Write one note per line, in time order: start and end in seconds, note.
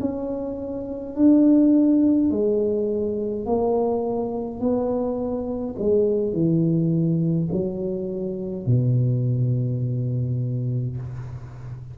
0.00 1.15 C#4
1.16 2.30 D4
2.30 3.46 G#3
3.46 4.60 A#3
4.60 5.75 B3
5.78 6.33 G#3
6.33 7.48 E3
7.52 8.66 F#3
8.66 10.97 B2